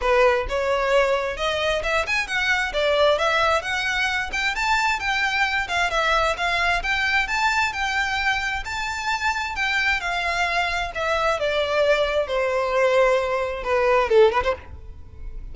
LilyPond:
\new Staff \with { instrumentName = "violin" } { \time 4/4 \tempo 4 = 132 b'4 cis''2 dis''4 | e''8 gis''8 fis''4 d''4 e''4 | fis''4. g''8 a''4 g''4~ | g''8 f''8 e''4 f''4 g''4 |
a''4 g''2 a''4~ | a''4 g''4 f''2 | e''4 d''2 c''4~ | c''2 b'4 a'8 b'16 c''16 | }